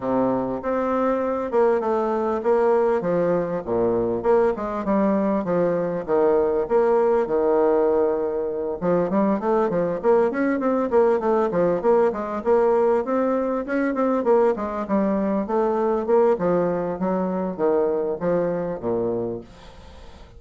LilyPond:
\new Staff \with { instrumentName = "bassoon" } { \time 4/4 \tempo 4 = 99 c4 c'4. ais8 a4 | ais4 f4 ais,4 ais8 gis8 | g4 f4 dis4 ais4 | dis2~ dis8 f8 g8 a8 |
f8 ais8 cis'8 c'8 ais8 a8 f8 ais8 | gis8 ais4 c'4 cis'8 c'8 ais8 | gis8 g4 a4 ais8 f4 | fis4 dis4 f4 ais,4 | }